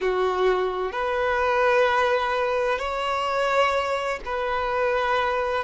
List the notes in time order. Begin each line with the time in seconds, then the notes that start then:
0.00 F#4
0.92 B4
2.79 C#5
4.24 B4